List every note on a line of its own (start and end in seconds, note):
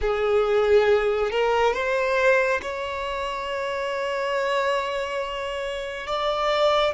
0.01 1.30 G#4
1.30 1.74 A#4
1.74 2.60 C5
2.62 6.07 C#5
6.07 6.94 D5